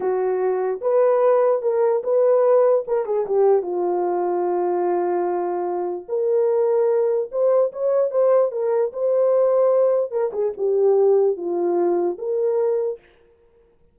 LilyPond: \new Staff \with { instrumentName = "horn" } { \time 4/4 \tempo 4 = 148 fis'2 b'2 | ais'4 b'2 ais'8 gis'8 | g'4 f'2.~ | f'2. ais'4~ |
ais'2 c''4 cis''4 | c''4 ais'4 c''2~ | c''4 ais'8 gis'8 g'2 | f'2 ais'2 | }